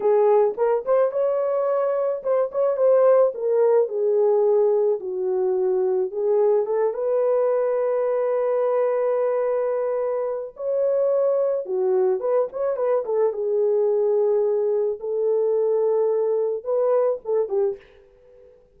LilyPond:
\new Staff \with { instrumentName = "horn" } { \time 4/4 \tempo 4 = 108 gis'4 ais'8 c''8 cis''2 | c''8 cis''8 c''4 ais'4 gis'4~ | gis'4 fis'2 gis'4 | a'8 b'2.~ b'8~ |
b'2. cis''4~ | cis''4 fis'4 b'8 cis''8 b'8 a'8 | gis'2. a'4~ | a'2 b'4 a'8 g'8 | }